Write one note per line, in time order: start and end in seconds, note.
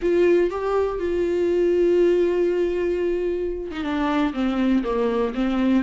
0.02 0.50 F4
0.50 0.99 G4
0.99 3.71 F4
3.71 3.83 D#4
3.83 4.33 D4
4.33 4.83 C4
4.83 5.33 A#3
5.34 5.83 C4